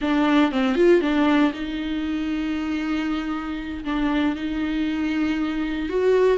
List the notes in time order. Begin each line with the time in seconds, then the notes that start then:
0.01 D4
0.51 C4
0.75 F4
1.01 D4
1.53 D#4
3.84 D4
4.35 D#4
5.89 F#4